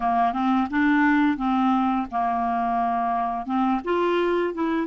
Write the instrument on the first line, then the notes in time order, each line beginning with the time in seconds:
clarinet
0.00 A#3
0.33 C4
0.70 D4
1.37 C4
2.11 A#3
3.45 C4
3.84 F4
4.53 E4